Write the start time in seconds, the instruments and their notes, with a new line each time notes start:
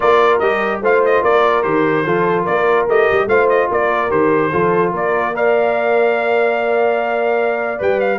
0.00 tuba A#3, trombone F4, horn A#4, trumpet D5
0.39 tuba G3, trombone G4, trumpet D#5
0.81 tuba A3, trombone F4, horn C5, trumpet F5
1.05 trumpet D#5
1.22 tuba A#3, horn A#4, trumpet D5
1.63 tuba D#3, trombone G4, trumpet C5
2.05 tuba F3, trombone F4, horn A4
2.43 tuba A#3, horn A#4, trumpet D5
2.87 tuba A3, trombone G4, trumpet D#5
3.11 tuba G3
3.26 tuba A3, trombone F4, horn C5, trumpet F5
3.49 trumpet D#5
3.70 tuba A#3, horn A#4, trumpet D5
4.09 tuba D#3, trombone G4, trumpet C5
4.51 tuba F3, trombone F4, horn A4
4.91 tuba A#3, horn A#4, trumpet D5
5.34 trombone A#4, horn D5, trumpet F5
7.78 tuba G3, trombone B4, trumpet G5
8.00 trumpet F5